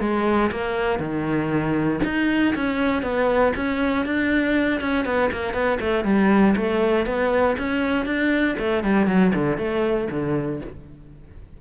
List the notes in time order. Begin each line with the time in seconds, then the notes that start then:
0.00 G#3
0.51 A#3
0.99 D#3
2.04 D#4
2.55 C#4
3.02 B3
3.56 C#4
4.05 D4
4.81 C#4
5.05 B3
5.32 A#3
5.53 B3
5.81 A3
6.05 G3
6.56 A3
7.06 B3
7.58 C#4
8.05 D4
8.59 A3
8.83 G3
9.07 F#3
9.35 D3
9.58 A3
10.10 D3